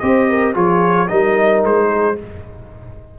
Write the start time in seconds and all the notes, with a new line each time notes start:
0.00 C4 G4 C5 D#5
0.29 A#4
0.54 F3 F4 G#4 C#5
1.08 G3 D#4 A#4 D#5
1.65 G#3 C5
1.88 G#4